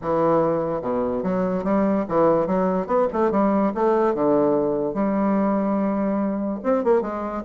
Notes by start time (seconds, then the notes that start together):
0.01 E3
0.81 B2
1.23 F#3
1.63 G3
2.08 E3
2.46 F#3
2.86 B3
3.12 A3
3.31 G3
3.74 A3
4.14 D3
4.94 G3
6.63 C4
6.84 A#3
7.01 G#3